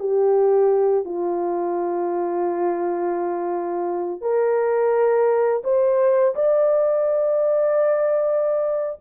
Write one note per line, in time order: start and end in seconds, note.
0.00 1.05 G4
1.05 4.22 F4
4.22 5.63 A#4
5.65 6.35 C5
6.36 9.00 D5